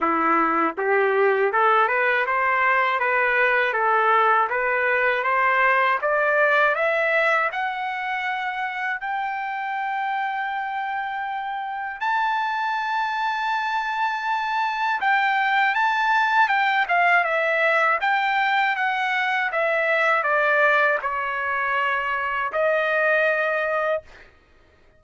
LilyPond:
\new Staff \with { instrumentName = "trumpet" } { \time 4/4 \tempo 4 = 80 e'4 g'4 a'8 b'8 c''4 | b'4 a'4 b'4 c''4 | d''4 e''4 fis''2 | g''1 |
a''1 | g''4 a''4 g''8 f''8 e''4 | g''4 fis''4 e''4 d''4 | cis''2 dis''2 | }